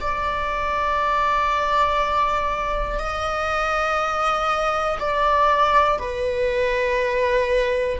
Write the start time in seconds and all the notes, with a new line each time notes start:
0.00 D5
2.98 D#5
4.99 D5
5.98 B4